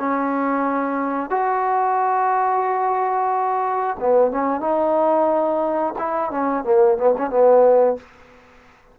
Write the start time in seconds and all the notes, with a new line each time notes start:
0.00 C#4
1.30 F#4
4.00 B3
4.32 C#4
4.61 D#4
5.99 E4
6.31 C#4
6.65 A#3
6.98 B3
7.18 C#4
7.31 B3